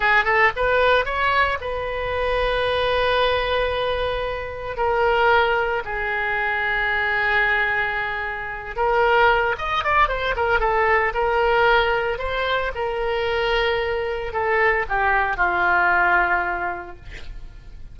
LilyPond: \new Staff \with { instrumentName = "oboe" } { \time 4/4 \tempo 4 = 113 gis'8 a'8 b'4 cis''4 b'4~ | b'1~ | b'4 ais'2 gis'4~ | gis'1~ |
gis'8 ais'4. dis''8 d''8 c''8 ais'8 | a'4 ais'2 c''4 | ais'2. a'4 | g'4 f'2. | }